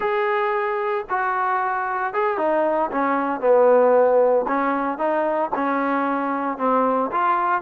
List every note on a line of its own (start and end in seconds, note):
0.00 1.05 G#4
1.09 2.13 F#4
2.13 2.37 G#4
2.37 2.90 D#4
2.91 3.40 C#4
3.40 4.45 B3
4.47 4.97 C#4
4.97 5.50 D#4
5.55 6.57 C#4
6.57 7.10 C4
7.11 7.61 F4